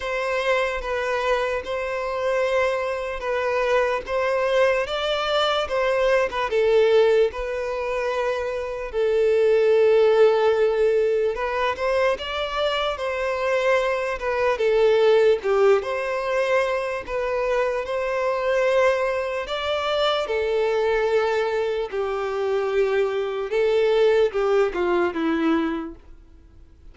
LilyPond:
\new Staff \with { instrumentName = "violin" } { \time 4/4 \tempo 4 = 74 c''4 b'4 c''2 | b'4 c''4 d''4 c''8. b'16 | a'4 b'2 a'4~ | a'2 b'8 c''8 d''4 |
c''4. b'8 a'4 g'8 c''8~ | c''4 b'4 c''2 | d''4 a'2 g'4~ | g'4 a'4 g'8 f'8 e'4 | }